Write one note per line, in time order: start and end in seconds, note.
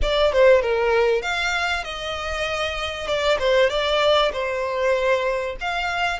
0.02 0.32 D5
0.32 0.61 C5
0.61 1.22 A#4
1.22 1.84 F5
1.84 3.07 D#5
3.07 3.38 D5
3.39 3.69 C5
3.69 4.31 D5
4.32 5.56 C5
5.60 6.19 F5